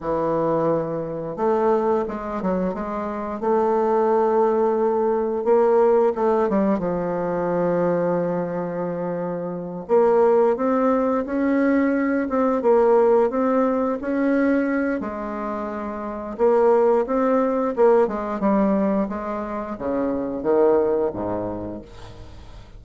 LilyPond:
\new Staff \with { instrumentName = "bassoon" } { \time 4/4 \tempo 4 = 88 e2 a4 gis8 fis8 | gis4 a2. | ais4 a8 g8 f2~ | f2~ f8 ais4 c'8~ |
c'8 cis'4. c'8 ais4 c'8~ | c'8 cis'4. gis2 | ais4 c'4 ais8 gis8 g4 | gis4 cis4 dis4 gis,4 | }